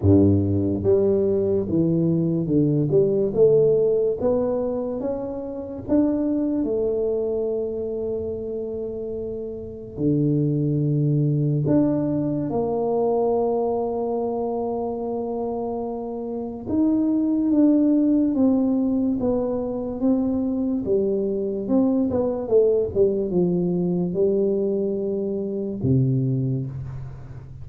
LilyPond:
\new Staff \with { instrumentName = "tuba" } { \time 4/4 \tempo 4 = 72 g,4 g4 e4 d8 g8 | a4 b4 cis'4 d'4 | a1 | d2 d'4 ais4~ |
ais1 | dis'4 d'4 c'4 b4 | c'4 g4 c'8 b8 a8 g8 | f4 g2 c4 | }